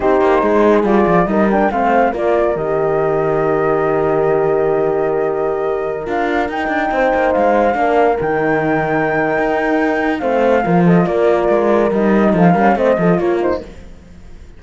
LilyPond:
<<
  \new Staff \with { instrumentName = "flute" } { \time 4/4 \tempo 4 = 141 c''2 d''4 dis''8 g''8 | f''4 d''4 dis''2~ | dis''1~ | dis''2~ dis''16 f''4 g''8.~ |
g''4~ g''16 f''2 g''8.~ | g''1 | f''4. dis''8 d''2 | dis''4 f''4 dis''4 cis''8 c''8 | }
  \new Staff \with { instrumentName = "horn" } { \time 4/4 g'4 gis'2 ais'4 | c''4 ais'2.~ | ais'1~ | ais'1~ |
ais'16 c''2 ais'4.~ ais'16~ | ais'1 | c''4 ais'8 a'8 ais'2~ | ais'4 a'8 ais'8 c''8 a'8 f'4 | }
  \new Staff \with { instrumentName = "horn" } { \time 4/4 dis'2 f'4 dis'8 d'8 | c'4 f'4 g'2~ | g'1~ | g'2~ g'16 f'4 dis'8.~ |
dis'2~ dis'16 d'4 dis'8.~ | dis'1 | c'4 f'2. | dis'4. cis'8 c'8 f'4 dis'8 | }
  \new Staff \with { instrumentName = "cello" } { \time 4/4 c'8 ais8 gis4 g8 f8 g4 | a4 ais4 dis2~ | dis1~ | dis2~ dis16 d'4 dis'8 d'16~ |
d'16 c'8 ais8 gis4 ais4 dis8.~ | dis2 dis'2 | a4 f4 ais4 gis4 | g4 f8 g8 a8 f8 ais4 | }
>>